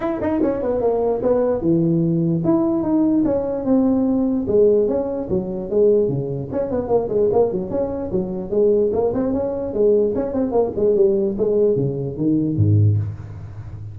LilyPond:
\new Staff \with { instrumentName = "tuba" } { \time 4/4 \tempo 4 = 148 e'8 dis'8 cis'8 b8 ais4 b4 | e2 e'4 dis'4 | cis'4 c'2 gis4 | cis'4 fis4 gis4 cis4 |
cis'8 b8 ais8 gis8 ais8 fis8 cis'4 | fis4 gis4 ais8 c'8 cis'4 | gis4 cis'8 c'8 ais8 gis8 g4 | gis4 cis4 dis4 gis,4 | }